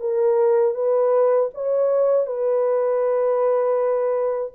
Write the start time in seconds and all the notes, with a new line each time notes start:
0.00 A#4
0.74 B4
1.54 C#5
2.26 B4